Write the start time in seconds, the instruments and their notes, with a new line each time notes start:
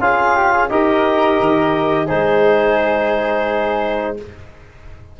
0.00 tuba C#4, trombone F4, flute G#4, clarinet F5
0.36 flute G4
0.52 flute G#4
0.69 tuba D#4, trombone G4, flute A#4, clarinet D#5
1.41 tuba D#3
2.06 tuba G#3, trombone D#4, flute G#4, clarinet C5